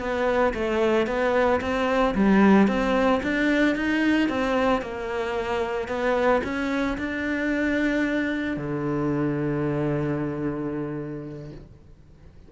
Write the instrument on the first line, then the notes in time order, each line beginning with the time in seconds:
cello
0.00 B3
0.54 A3
1.07 B3
1.61 C4
2.15 G3
2.68 C4
3.23 D4
3.76 D#4
4.29 C4
4.82 A#3
5.89 B3
6.44 C#4
6.98 D4
8.57 D3